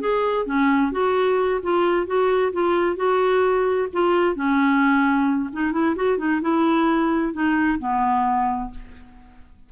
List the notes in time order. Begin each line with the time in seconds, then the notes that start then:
0.00 G#4
0.46 C#4
0.92 F#4
1.62 F4
2.06 F#4
2.52 F4
2.96 F#4
3.93 F4
4.35 C#4
5.52 D#4
5.72 E4
5.96 F#4
6.18 D#4
6.41 E4
7.33 D#4
7.79 B3